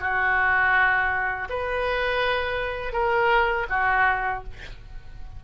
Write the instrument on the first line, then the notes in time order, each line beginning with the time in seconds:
oboe
0.00 F#4
1.49 B4
2.93 A#4
3.70 F#4